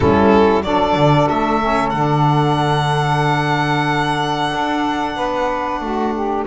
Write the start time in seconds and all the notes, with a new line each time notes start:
0.00 G3 C#4 E4 A4
0.63 F#3 D4 A4 D5
0.95 D3
1.29 A3 E5
1.60 C#4
1.89 D3 D4 F#5
4.53 D4
5.16 B3 B4
5.80 A3 F#4
6.13 G4